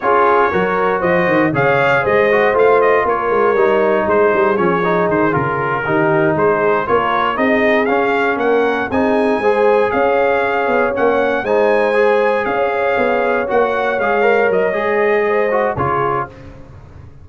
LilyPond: <<
  \new Staff \with { instrumentName = "trumpet" } { \time 4/4 \tempo 4 = 118 cis''2 dis''4 f''4 | dis''4 f''8 dis''8 cis''2 | c''4 cis''4 c''8 ais'4.~ | ais'8 c''4 cis''4 dis''4 f''8~ |
f''8 fis''4 gis''2 f''8~ | f''4. fis''4 gis''4.~ | gis''8 f''2 fis''4 f''8~ | f''8 dis''2~ dis''8 cis''4 | }
  \new Staff \with { instrumentName = "horn" } { \time 4/4 gis'4 ais'4 c''4 cis''4 | c''2 ais'2 | gis'2.~ gis'8 g'8~ | g'8 gis'4 ais'4 gis'4.~ |
gis'8 ais'4 gis'4 c''4 cis''8~ | cis''2~ cis''8 c''4.~ | c''8 cis''2.~ cis''8~ | cis''2 c''4 gis'4 | }
  \new Staff \with { instrumentName = "trombone" } { \time 4/4 f'4 fis'2 gis'4~ | gis'8 fis'8 f'2 dis'4~ | dis'4 cis'8 dis'4 f'4 dis'8~ | dis'4. f'4 dis'4 cis'8~ |
cis'4. dis'4 gis'4.~ | gis'4. cis'4 dis'4 gis'8~ | gis'2~ gis'8 fis'4 gis'8 | ais'4 gis'4. fis'8 f'4 | }
  \new Staff \with { instrumentName = "tuba" } { \time 4/4 cis'4 fis4 f8 dis8 cis4 | gis4 a4 ais8 gis8 g4 | gis8 g8 f4 dis8 cis4 dis8~ | dis8 gis4 ais4 c'4 cis'8~ |
cis'8 ais4 c'4 gis4 cis'8~ | cis'4 b8 ais4 gis4.~ | gis8 cis'4 b4 ais4 gis8~ | gis8 fis8 gis2 cis4 | }
>>